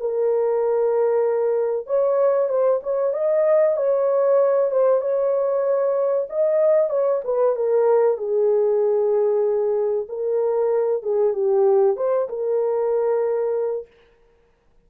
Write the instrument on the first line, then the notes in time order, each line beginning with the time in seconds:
horn
0.00 A#4
1.87 C#5
2.49 C5
2.83 C#5
3.14 D#5
3.77 C#5
4.71 C5
5.01 C#5
6.30 D#5
6.90 C#5
7.25 B4
7.56 A#4
8.17 G#4
10.09 A#4
11.03 G#4
11.33 G4
11.97 C5
12.29 A#4